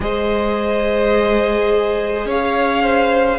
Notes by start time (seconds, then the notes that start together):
0.00 G#3 G#4 C5 D#5
2.25 C#4 C#5 F5
2.82 C5